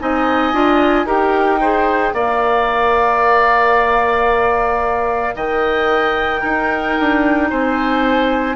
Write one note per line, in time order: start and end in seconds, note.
0.00 0.53 C4
0.00 0.53 D#4
0.00 1.06 D#5
0.00 1.08 G#5
0.53 1.06 D4
0.53 1.06 F4
1.06 2.13 D#4
1.06 1.60 G4
1.06 1.60 A#4
1.06 2.15 G5
1.61 2.16 G#4
1.61 2.14 C5
2.13 5.35 A#3
2.13 6.42 A#4
2.13 5.35 D5
2.13 5.36 F5
5.35 6.42 D#3
5.35 6.41 D#5
5.35 7.50 G5
6.41 8.56 D#4
6.41 6.98 D#4
6.41 7.48 A#4
7.00 7.52 D4
7.50 8.56 C4
7.50 8.56 C5
7.50 8.56 G#5